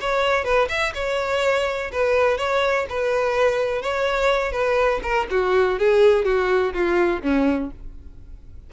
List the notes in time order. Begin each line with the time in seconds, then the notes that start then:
0.00 C#5
0.44 B4
0.68 E5
0.94 C#5
1.92 B4
2.37 C#5
2.89 B4
3.82 C#5
4.52 B4
5.02 A#4
5.30 F#4
5.78 G#4
6.25 F#4
6.73 F4
7.22 C#4